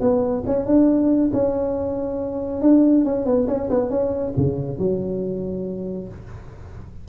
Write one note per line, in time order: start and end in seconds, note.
0.00 0.43 B3
0.46 0.66 C#4
0.66 1.30 D4
1.33 2.61 C#4
2.61 3.04 D4
3.05 3.25 C#4
3.25 3.47 B3
3.47 3.69 C#4
3.69 3.89 B3
3.89 4.33 C#4
4.37 4.78 C#3
4.78 6.08 F#3